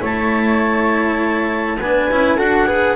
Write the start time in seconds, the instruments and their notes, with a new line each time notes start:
0.00 double bass A3, cello E4, flute C#5, clarinet A5
1.78 double bass B3, cello D4, flute B4, clarinet G#5
2.11 double bass C#4, cello E4
2.37 double bass D4, cello F#4, flute A4, clarinet F#5
2.66 cello G#4, flute B4